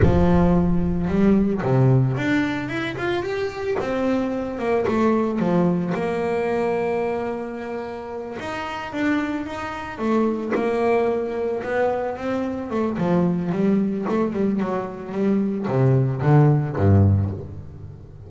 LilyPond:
\new Staff \with { instrumentName = "double bass" } { \time 4/4 \tempo 4 = 111 f2 g4 c4 | d'4 e'8 f'8 g'4 c'4~ | c'8 ais8 a4 f4 ais4~ | ais2.~ ais8 dis'8~ |
dis'8 d'4 dis'4 a4 ais8~ | ais4. b4 c'4 a8 | f4 g4 a8 g8 fis4 | g4 c4 d4 g,4 | }